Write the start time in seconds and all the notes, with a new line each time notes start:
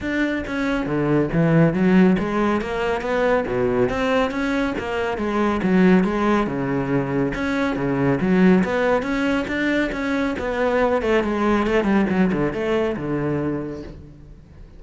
0.01 D4
0.47 C#4
0.86 D3
1.32 E3
1.73 F#3
2.18 G#3
2.61 A#3
3.01 B3
3.47 B2
3.89 C4
4.30 C#4
4.78 A#3
5.17 G#3
5.62 F#3
6.04 G#3
6.46 C#3
7.34 C#4
7.75 C#3
8.20 F#3
8.64 B3
9.02 C#4
9.47 D4
9.92 C#4
10.39 B3
11.02 A3
11.23 G#3
11.67 A3
11.84 G3
12.09 F#3
12.32 D3
12.53 A3
12.96 D3